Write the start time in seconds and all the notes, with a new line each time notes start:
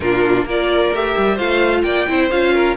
0.00 A#2 D4 F4 A#4
0.44 A#3 F4 A#4 D5
0.92 A3 G4 E5
1.17 G3
1.34 A3 F4 C5 F5
1.82 A#3 D5 G5
2.07 C4 E4 C5
2.30 C#4 F4 F5
2.53 A#4